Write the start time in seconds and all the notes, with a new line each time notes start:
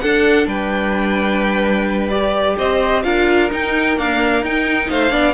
0.00 D4 A4 F#5
0.47 G3 B4 G5
2.10 G4 D5
2.57 C4 C5 D#5
3.03 D4 F4 A#4 F5
3.51 D#4 G5
3.96 A#3 D4 F5
4.42 D#4 G5
4.90 A3 C5 F5
5.10 B3 D4 D5